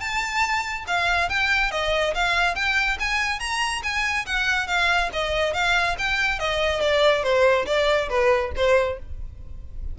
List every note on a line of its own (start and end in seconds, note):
0.00 0.85 A5
0.87 1.29 F5
1.29 1.71 G5
1.71 2.14 D#5
2.15 2.55 F5
2.55 2.98 G5
3.00 3.40 G#5
3.40 3.82 A#5
3.83 4.26 G#5
4.26 4.67 F#5
4.67 5.10 F5
5.13 5.54 D#5
5.54 5.96 F5
5.98 6.39 G5
6.39 6.81 D#5
6.81 7.23 D5
7.23 7.66 C5
7.66 8.09 D5
8.09 8.52 B4
8.56 8.99 C5